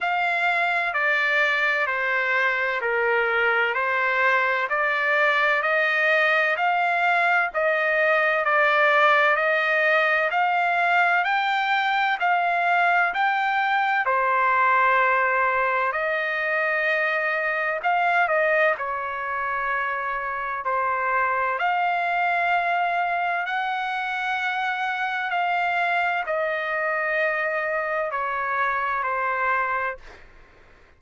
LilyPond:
\new Staff \with { instrumentName = "trumpet" } { \time 4/4 \tempo 4 = 64 f''4 d''4 c''4 ais'4 | c''4 d''4 dis''4 f''4 | dis''4 d''4 dis''4 f''4 | g''4 f''4 g''4 c''4~ |
c''4 dis''2 f''8 dis''8 | cis''2 c''4 f''4~ | f''4 fis''2 f''4 | dis''2 cis''4 c''4 | }